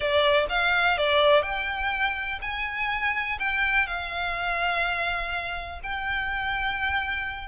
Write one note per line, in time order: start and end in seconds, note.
0.00 0.46 D5
0.49 0.97 F5
0.97 1.42 D5
1.42 2.39 G5
2.41 3.38 G#5
3.39 3.87 G5
3.87 5.80 F5
5.83 7.48 G5